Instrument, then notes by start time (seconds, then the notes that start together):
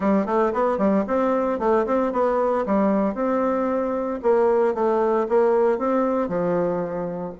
bassoon
0.00 G3
0.26 A3
0.53 B3
0.78 G3
1.07 C4
1.59 A3
1.85 C4
2.12 B3
2.66 G3
3.14 C4
4.22 A#3
4.74 A3
5.28 A#3
5.78 C4
6.28 F3